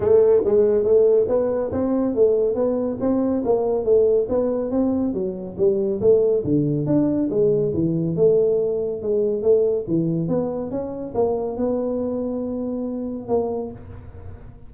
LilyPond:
\new Staff \with { instrumentName = "tuba" } { \time 4/4 \tempo 4 = 140 a4 gis4 a4 b4 | c'4 a4 b4 c'4 | ais4 a4 b4 c'4 | fis4 g4 a4 d4 |
d'4 gis4 e4 a4~ | a4 gis4 a4 e4 | b4 cis'4 ais4 b4~ | b2. ais4 | }